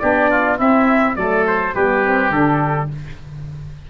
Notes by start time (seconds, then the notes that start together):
0.00 B3 D4 G4 D5
0.31 F4
0.57 C4 E4 E5
1.14 F#3 A3 A4 D5
1.47 C5
1.75 G3 B3 G4 B4
2.05 C4
2.31 D3 D4 A4